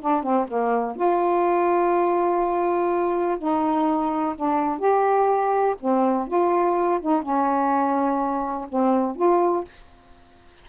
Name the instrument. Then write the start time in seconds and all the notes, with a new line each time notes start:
saxophone
0.00 D4
0.22 C4
0.47 A#3
0.96 F4
3.38 D#4
4.35 D4
4.78 G4
5.80 C4
6.27 F4
7.01 D#4
7.22 C#4
8.69 C4
9.16 F4